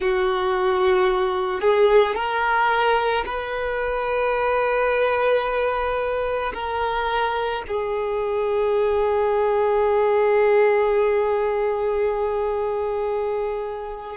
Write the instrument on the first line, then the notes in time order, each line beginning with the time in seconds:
violin
0.00 F#4
1.61 G#4
2.15 A#4
3.25 B4
6.54 A#4
7.67 G#4